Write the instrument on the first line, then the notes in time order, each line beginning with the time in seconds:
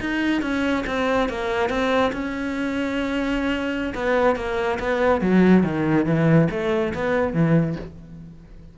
cello
0.00 D#4
0.42 C#4
0.86 C4
1.29 A#3
1.69 C4
2.12 C#4
3.94 B3
4.36 A#3
4.79 B3
5.21 F#3
5.63 D#3
6.06 E3
6.51 A3
6.94 B3
7.33 E3